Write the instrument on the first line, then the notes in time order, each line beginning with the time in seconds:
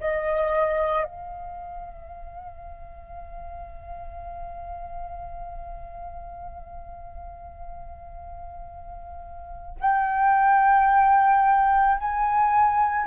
flute
0.00 D#5
1.04 F5
9.79 G5
11.98 G#5